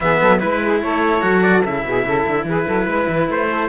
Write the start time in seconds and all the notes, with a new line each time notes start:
0.00 E3 B3 G#4 E5
0.20 F#3 A4
0.39 G#3 E4 B4
0.64 G#4
0.82 A3 A4 C#5
1.21 F#3 F#4
1.42 D5
1.64 C#3 E4 E5
1.84 B2 G#4
2.04 C#3 A4
2.26 D3
2.44 E3 G#4 B4
2.66 F#3 A4
2.86 G#3 B4
3.08 E3
3.28 A3 C5
3.49 A4